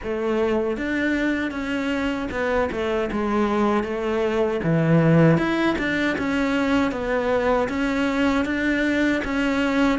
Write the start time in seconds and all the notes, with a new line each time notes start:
0.03 A3
0.77 D4
1.51 C#4
2.31 B3
2.71 A3
3.12 G#3
3.83 A3
4.63 E3
5.37 E4
5.78 D4
6.18 C#4
6.91 B3
7.68 C#4
8.45 D4
9.24 C#4